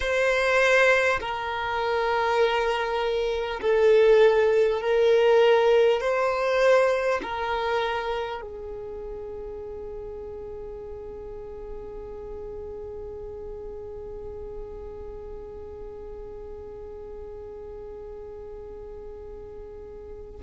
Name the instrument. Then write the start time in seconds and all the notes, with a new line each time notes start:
violin
0.00 C5
1.20 A#4
3.61 A4
4.81 A#4
6.01 C5
7.22 A#4
8.41 G#4